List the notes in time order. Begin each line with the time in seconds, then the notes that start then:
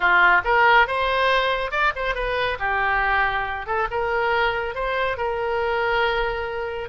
0.00 F4
0.44 A#4
0.87 C5
1.71 D5
1.95 C5
2.14 B4
2.59 G4
3.66 A4
3.90 A#4
4.74 C5
5.17 A#4